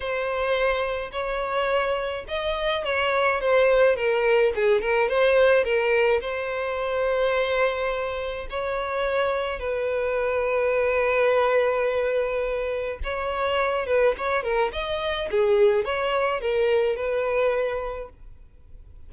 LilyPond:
\new Staff \with { instrumentName = "violin" } { \time 4/4 \tempo 4 = 106 c''2 cis''2 | dis''4 cis''4 c''4 ais'4 | gis'8 ais'8 c''4 ais'4 c''4~ | c''2. cis''4~ |
cis''4 b'2.~ | b'2. cis''4~ | cis''8 b'8 cis''8 ais'8 dis''4 gis'4 | cis''4 ais'4 b'2 | }